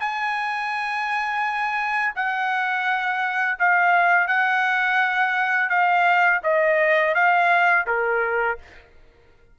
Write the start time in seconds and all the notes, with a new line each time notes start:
0.00 G#5
2.16 F#5
3.59 F5
4.28 F#5
5.70 F5
6.44 D#5
7.15 F5
7.87 A#4